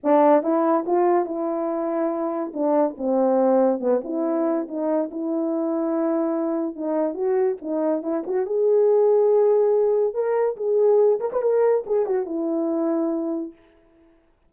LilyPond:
\new Staff \with { instrumentName = "horn" } { \time 4/4 \tempo 4 = 142 d'4 e'4 f'4 e'4~ | e'2 d'4 c'4~ | c'4 b8 e'4. dis'4 | e'1 |
dis'4 fis'4 dis'4 e'8 fis'8 | gis'1 | ais'4 gis'4. ais'16 b'16 ais'4 | gis'8 fis'8 e'2. | }